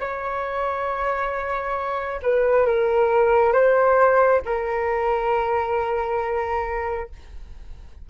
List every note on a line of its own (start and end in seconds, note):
0.00 2.21 C#5
2.22 2.66 B4
2.66 3.53 A#4
3.53 4.41 C5
4.45 7.10 A#4